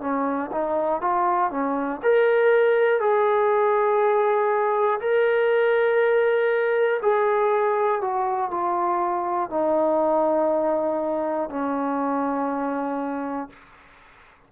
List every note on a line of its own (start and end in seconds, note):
0.00 0.50 C#4
0.51 1.00 D#4
1.00 1.50 F4
1.50 2.00 C#4
2.02 3.00 A#4
3.00 5.00 G#4
5.00 7.00 A#4
7.02 8.00 G#4
8.00 8.50 F#4
8.50 9.50 F4
9.50 11.49 D#4
11.49 13.49 C#4